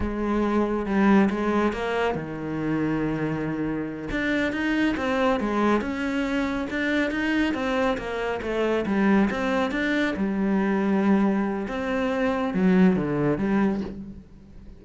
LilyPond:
\new Staff \with { instrumentName = "cello" } { \time 4/4 \tempo 4 = 139 gis2 g4 gis4 | ais4 dis2.~ | dis4. d'4 dis'4 c'8~ | c'8 gis4 cis'2 d'8~ |
d'8 dis'4 c'4 ais4 a8~ | a8 g4 c'4 d'4 g8~ | g2. c'4~ | c'4 fis4 d4 g4 | }